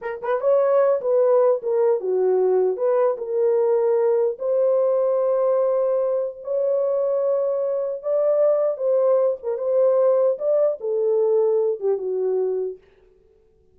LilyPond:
\new Staff \with { instrumentName = "horn" } { \time 4/4 \tempo 4 = 150 ais'8 b'8 cis''4. b'4. | ais'4 fis'2 b'4 | ais'2. c''4~ | c''1 |
cis''1 | d''2 c''4. ais'8 | c''2 d''4 a'4~ | a'4. g'8 fis'2 | }